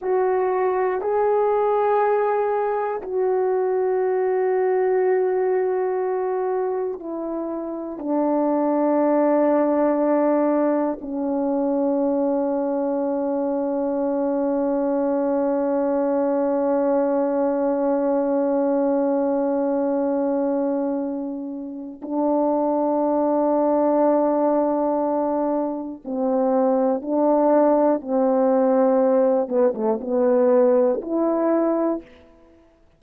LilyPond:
\new Staff \with { instrumentName = "horn" } { \time 4/4 \tempo 4 = 60 fis'4 gis'2 fis'4~ | fis'2. e'4 | d'2. cis'4~ | cis'1~ |
cis'1~ | cis'2 d'2~ | d'2 c'4 d'4 | c'4. b16 a16 b4 e'4 | }